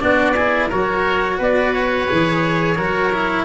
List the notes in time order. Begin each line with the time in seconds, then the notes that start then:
0.00 B3 D4 F#4 D5
0.34 E4 G#4
0.68 F#3 F#4 A#4 C#5
1.38 B3 B4 D5
1.73 C#5
2.08 E3 G#4
2.76 F#3 F#4 A#4
3.13 E4